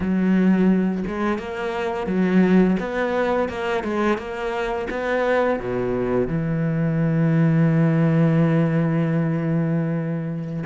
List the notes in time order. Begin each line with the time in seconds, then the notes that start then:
0.00 F#3
1.07 G#3
1.38 A#3
2.06 F#3
2.79 B3
3.49 A#3
3.83 G#3
4.17 A#3
4.90 B3
5.59 B2
6.27 E3